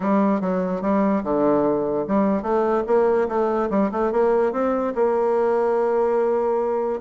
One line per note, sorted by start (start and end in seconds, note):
0.00 0.41 G3
0.41 0.81 F#3
0.81 1.22 G3
1.23 2.05 D3
2.07 2.42 G3
2.42 2.83 A3
2.87 3.28 A#3
3.28 3.69 A3
3.70 3.90 G3
3.91 4.12 A3
4.12 4.52 A#3
4.52 4.93 C4
4.95 7.00 A#3